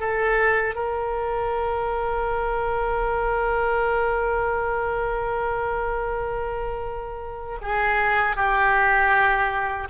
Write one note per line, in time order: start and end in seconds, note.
0.00 0.75 A4
0.75 7.58 A#4
7.62 8.36 G#4
8.36 9.88 G4